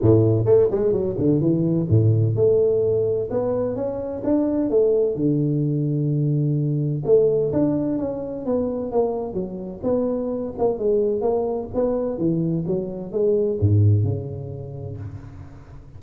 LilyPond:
\new Staff \with { instrumentName = "tuba" } { \time 4/4 \tempo 4 = 128 a,4 a8 gis8 fis8 d8 e4 | a,4 a2 b4 | cis'4 d'4 a4 d4~ | d2. a4 |
d'4 cis'4 b4 ais4 | fis4 b4. ais8 gis4 | ais4 b4 e4 fis4 | gis4 gis,4 cis2 | }